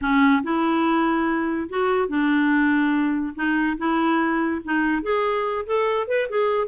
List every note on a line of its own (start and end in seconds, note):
0.01 0.43 C#4
0.43 1.69 E4
1.69 2.08 F#4
2.08 3.34 D4
3.35 3.77 D#4
3.77 4.61 E4
4.64 5.02 D#4
5.02 5.65 G#4
5.65 6.07 A4
6.07 6.28 B4
6.29 6.67 G#4